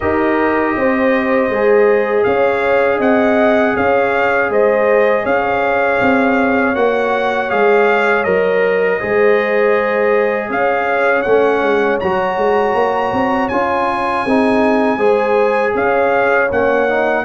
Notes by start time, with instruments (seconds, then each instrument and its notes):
0.00 tuba D#4, trombone G4, horn A#4, trumpet D#5
0.75 tuba C4, horn C5
1.49 tuba G#3, trombone G#4
2.23 tuba C#4, horn C#5, trumpet F5
2.97 tuba C4, horn D#5, trumpet F#5
3.76 tuba C#4, horn C#5, trumpet F5
4.49 tuba G#3, horn C5, trumpet D#5
5.22 tuba C#4, horn C#5, trumpet F5
6.01 tuba C4
6.75 tuba A#3, trombone F#4, trumpet F#5
7.49 tuba G#3, trombone G#4, trumpet F5
8.23 tuba F#3, trombone A#4, trumpet D#5
8.99 tuba G#3, trombone G#4, horn C5
10.49 tuba C#4, horn C#5, trumpet F5
11.22 tuba A3, trombone C#4, trumpet F#5
11.61 tuba G#3
12.00 tuba F#3, trombone F#4, trumpet A#5
12.36 tuba G#3
12.74 tuba A#3
13.12 tuba C4
13.48 tuba C#4, trombone F4, trumpet G#5
14.24 tuba C4, trombone D#4, horn G#4
14.97 tuba G#3, trombone G#4, horn C5
15.75 tuba C#4, horn C#5, trumpet F5
16.51 tuba A#3, trombone C#4, trumpet F#5
16.88 trombone D#4